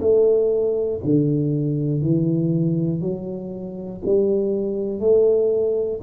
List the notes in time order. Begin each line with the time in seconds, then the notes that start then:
0.00 A3
1.04 D3
2.02 E3
3.01 F#3
4.05 G3
5.00 A3